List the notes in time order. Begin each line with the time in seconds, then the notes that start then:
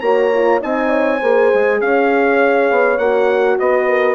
0.00 A#3 F#4 C#5 A#5
0.33 F4
0.59 C4 D#4 D#5 G#5
0.89 C#5
1.19 A#3 G#4 C5
1.53 G#3
1.80 C#4 C#5 F5
2.70 B3
2.98 A#3 F#4 F#5
3.59 B3 B4 D#5
3.88 A#4